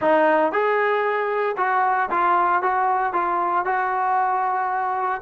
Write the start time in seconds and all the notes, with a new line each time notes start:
0.01 D#4
0.51 G#4
1.57 F#4
2.10 F4
2.62 F#4
3.13 F4
3.65 F#4